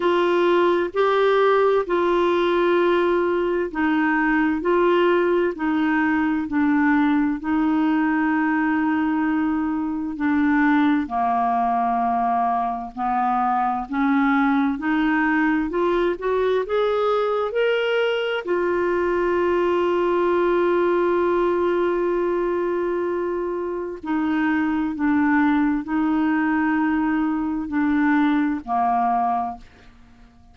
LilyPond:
\new Staff \with { instrumentName = "clarinet" } { \time 4/4 \tempo 4 = 65 f'4 g'4 f'2 | dis'4 f'4 dis'4 d'4 | dis'2. d'4 | ais2 b4 cis'4 |
dis'4 f'8 fis'8 gis'4 ais'4 | f'1~ | f'2 dis'4 d'4 | dis'2 d'4 ais4 | }